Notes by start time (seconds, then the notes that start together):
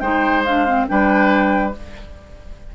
0.00 G#3 D#4 C5 G5
0.45 D4 F5
0.66 C4
0.87 G3 D4 B4 G5